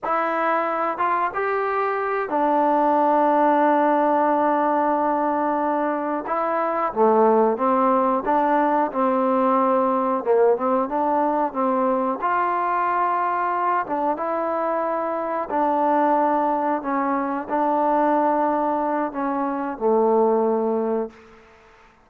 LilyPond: \new Staff \with { instrumentName = "trombone" } { \time 4/4 \tempo 4 = 91 e'4. f'8 g'4. d'8~ | d'1~ | d'4. e'4 a4 c'8~ | c'8 d'4 c'2 ais8 |
c'8 d'4 c'4 f'4.~ | f'4 d'8 e'2 d'8~ | d'4. cis'4 d'4.~ | d'4 cis'4 a2 | }